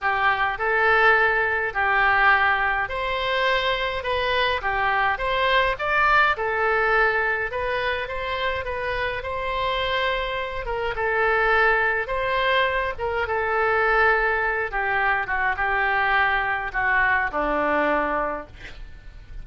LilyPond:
\new Staff \with { instrumentName = "oboe" } { \time 4/4 \tempo 4 = 104 g'4 a'2 g'4~ | g'4 c''2 b'4 | g'4 c''4 d''4 a'4~ | a'4 b'4 c''4 b'4 |
c''2~ c''8 ais'8 a'4~ | a'4 c''4. ais'8 a'4~ | a'4. g'4 fis'8 g'4~ | g'4 fis'4 d'2 | }